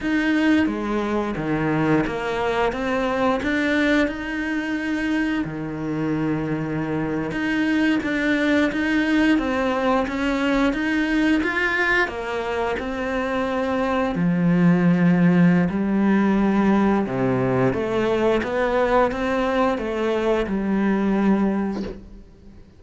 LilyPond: \new Staff \with { instrumentName = "cello" } { \time 4/4 \tempo 4 = 88 dis'4 gis4 dis4 ais4 | c'4 d'4 dis'2 | dis2~ dis8. dis'4 d'16~ | d'8. dis'4 c'4 cis'4 dis'16~ |
dis'8. f'4 ais4 c'4~ c'16~ | c'8. f2~ f16 g4~ | g4 c4 a4 b4 | c'4 a4 g2 | }